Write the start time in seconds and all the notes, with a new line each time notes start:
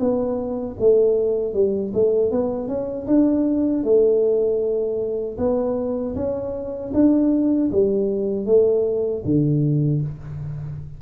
0.00 B3
0.80 A3
1.54 G3
1.94 A3
2.31 B3
2.69 C#4
3.07 D4
3.84 A3
5.38 B3
6.16 C#4
6.94 D4
7.72 G3
8.46 A3
9.25 D3